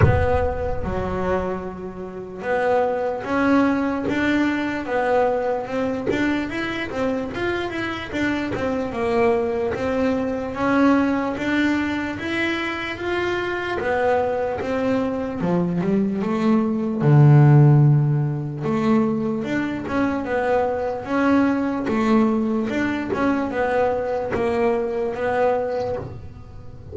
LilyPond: \new Staff \with { instrumentName = "double bass" } { \time 4/4 \tempo 4 = 74 b4 fis2 b4 | cis'4 d'4 b4 c'8 d'8 | e'8 c'8 f'8 e'8 d'8 c'8 ais4 | c'4 cis'4 d'4 e'4 |
f'4 b4 c'4 f8 g8 | a4 d2 a4 | d'8 cis'8 b4 cis'4 a4 | d'8 cis'8 b4 ais4 b4 | }